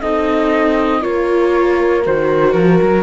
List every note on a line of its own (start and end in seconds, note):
0.00 1.04 C4
0.00 1.01 D#4
0.00 1.02 A4
0.00 1.03 D#5
1.01 2.06 A#3
1.01 2.03 F4
1.01 3.03 A#4
1.01 2.04 C#5
2.04 2.54 D#3
2.04 3.03 F#4
2.04 2.53 C5
2.53 2.79 F3
2.53 3.03 A#4
2.82 3.03 F#3